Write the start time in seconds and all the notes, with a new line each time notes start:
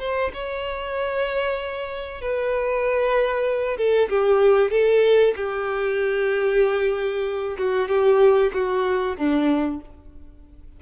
0.00 C5
0.34 C#5
2.21 B4
3.78 A4
4.10 G4
4.71 A4
5.36 G4
7.58 F#4
7.89 G4
8.54 F#4
9.18 D4